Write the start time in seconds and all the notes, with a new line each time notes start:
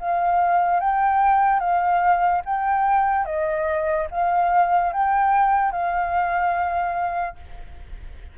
0.00 F5
0.80 G5
1.60 F5
2.45 G5
3.26 D#5
4.11 F5
4.93 G5
5.72 F5